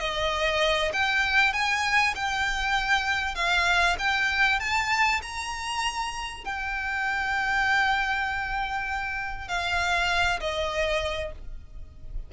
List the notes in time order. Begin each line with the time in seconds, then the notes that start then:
0.00 D#5
0.93 G5
1.53 G#5
2.15 G5
3.35 F5
3.99 G5
4.60 A5
5.22 A#5
6.45 G5
9.48 F5
10.40 D#5